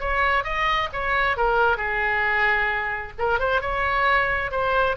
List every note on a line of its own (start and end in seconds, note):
0.00 0.44 C#5
0.44 0.89 D#5
0.93 1.37 C#5
1.37 1.77 A#4
1.77 3.13 G#4
3.18 3.39 A#4
3.39 3.61 C5
3.61 4.51 C#5
4.51 4.96 C5